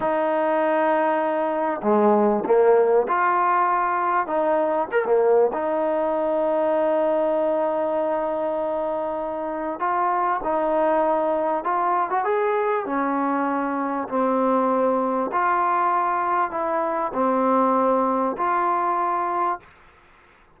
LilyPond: \new Staff \with { instrumentName = "trombone" } { \time 4/4 \tempo 4 = 98 dis'2. gis4 | ais4 f'2 dis'4 | ais'16 ais8. dis'2.~ | dis'1 |
f'4 dis'2 f'8. fis'16 | gis'4 cis'2 c'4~ | c'4 f'2 e'4 | c'2 f'2 | }